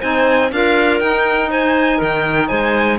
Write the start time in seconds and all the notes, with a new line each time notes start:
0.00 C4 D#4 C5 G#5
0.51 D4 F4 A#4 F5
1.00 D#4 G5
1.50 C5 G#5
1.97 D#3 A#4 G5
2.48 G#3 C5 G#5